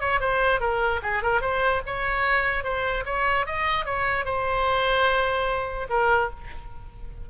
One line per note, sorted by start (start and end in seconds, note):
0.00 0.20 C#5
0.20 0.60 C5
0.60 1.00 A#4
1.02 1.23 G#4
1.23 1.41 A#4
1.41 1.81 C5
1.86 2.64 C#5
2.64 3.04 C5
3.05 3.46 C#5
3.46 3.85 D#5
3.85 4.25 C#5
4.25 5.87 C5
5.89 6.30 A#4